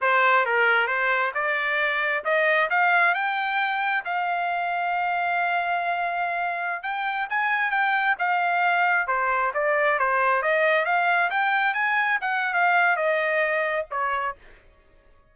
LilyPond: \new Staff \with { instrumentName = "trumpet" } { \time 4/4 \tempo 4 = 134 c''4 ais'4 c''4 d''4~ | d''4 dis''4 f''4 g''4~ | g''4 f''2.~ | f''2.~ f''16 g''8.~ |
g''16 gis''4 g''4 f''4.~ f''16~ | f''16 c''4 d''4 c''4 dis''8.~ | dis''16 f''4 g''4 gis''4 fis''8. | f''4 dis''2 cis''4 | }